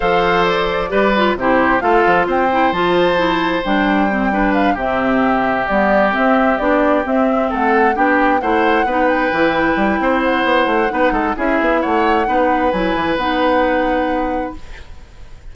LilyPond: <<
  \new Staff \with { instrumentName = "flute" } { \time 4/4 \tempo 4 = 132 f''4 d''2 c''4 | f''4 g''4 a''2 | g''2 f''8 e''4.~ | e''8 d''4 e''4 d''4 e''8~ |
e''8 fis''4 g''4 fis''4. | g''2~ g''8 fis''4.~ | fis''4 e''4 fis''2 | gis''4 fis''2. | }
  \new Staff \with { instrumentName = "oboe" } { \time 4/4 c''2 b'4 g'4 | a'4 c''2.~ | c''4. b'4 g'4.~ | g'1~ |
g'8 a'4 g'4 c''4 b'8~ | b'2 c''2 | b'8 a'8 gis'4 cis''4 b'4~ | b'1 | }
  \new Staff \with { instrumentName = "clarinet" } { \time 4/4 a'2 g'8 f'8 e'4 | f'4. e'8 f'4 e'4 | d'4 c'8 d'4 c'4.~ | c'8 b4 c'4 d'4 c'8~ |
c'4. d'4 e'4 dis'8~ | dis'8 e'2.~ e'8 | dis'4 e'2 dis'4 | e'4 dis'2. | }
  \new Staff \with { instrumentName = "bassoon" } { \time 4/4 f2 g4 c4 | a8 f8 c'4 f2 | g2~ g8 c4.~ | c8 g4 c'4 b4 c'8~ |
c'8 a4 b4 a4 b8~ | b8 e4 g8 c'4 b8 a8 | b8 gis8 cis'8 b8 a4 b4 | fis8 e8 b2. | }
>>